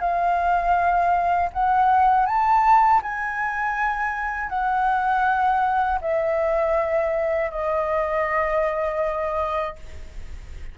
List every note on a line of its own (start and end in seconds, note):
0.00 1.50 F5
1.53 2.26 F#5
2.26 3.01 A5
3.02 4.49 G#5
4.49 5.99 F#5
6.01 7.51 E5
7.51 9.76 D#5